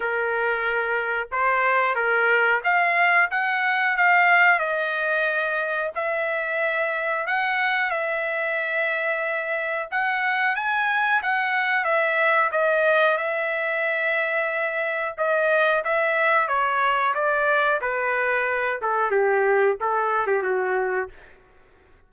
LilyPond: \new Staff \with { instrumentName = "trumpet" } { \time 4/4 \tempo 4 = 91 ais'2 c''4 ais'4 | f''4 fis''4 f''4 dis''4~ | dis''4 e''2 fis''4 | e''2. fis''4 |
gis''4 fis''4 e''4 dis''4 | e''2. dis''4 | e''4 cis''4 d''4 b'4~ | b'8 a'8 g'4 a'8. g'16 fis'4 | }